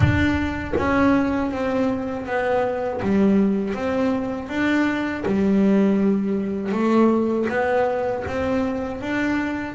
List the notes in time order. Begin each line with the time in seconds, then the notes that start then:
0.00 D4
0.77 C#4
1.51 C4
2.25 B3
3.02 G3
3.74 C4
4.49 D4
5.25 G3
6.71 A3
7.49 B3
8.27 C4
9.01 D4